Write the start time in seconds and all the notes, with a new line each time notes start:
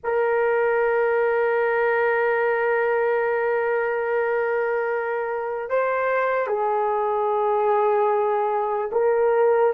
0.03 A#4
5.69 C5
6.46 G#4
8.92 A#4